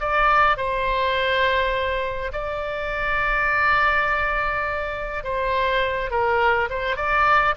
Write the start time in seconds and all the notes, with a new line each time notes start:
0.00 D5
0.57 C5
2.32 D5
5.24 C5
6.11 A#4
6.70 C5
6.96 D5